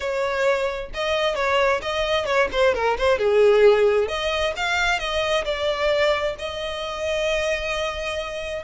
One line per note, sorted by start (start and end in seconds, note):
0.00 0.90 C#5
0.93 1.35 D#5
1.35 1.80 C#5
1.82 2.25 D#5
2.25 2.48 C#5
2.52 2.74 C5
2.74 2.97 A#4
2.98 3.18 C5
3.18 4.08 G#4
4.08 4.53 D#5
4.56 4.99 F5
4.99 5.44 D#5
5.44 6.35 D5
6.39 8.63 D#5